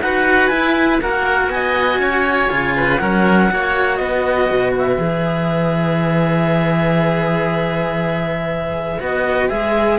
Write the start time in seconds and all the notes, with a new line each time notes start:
0.00 D#4 F#4 B4 F#5
0.47 E4 G#5
1.01 A#3 F#4 A#4 F#5
1.47 B3 G#5
1.53 D#5
1.98 C#4 C#5
2.49 C#3 F4
2.76 B4
2.98 F#3 C#4 A#4 F#5
3.49 A#3 F#4 C#5
3.96 B3 B4 D#5
4.51 B2
4.78 E5
4.98 E3 G#4
9.00 B3 F#4 D#5
9.49 G#3 G#4 E5